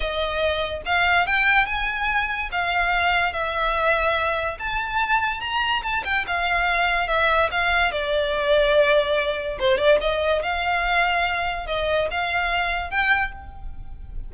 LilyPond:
\new Staff \with { instrumentName = "violin" } { \time 4/4 \tempo 4 = 144 dis''2 f''4 g''4 | gis''2 f''2 | e''2. a''4~ | a''4 ais''4 a''8 g''8 f''4~ |
f''4 e''4 f''4 d''4~ | d''2. c''8 d''8 | dis''4 f''2. | dis''4 f''2 g''4 | }